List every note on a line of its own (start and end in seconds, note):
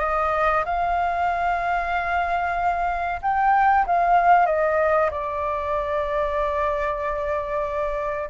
0.00 0.64 D#5
0.65 3.21 F5
3.22 3.86 G5
3.87 4.47 F5
4.47 5.10 D#5
5.11 8.30 D5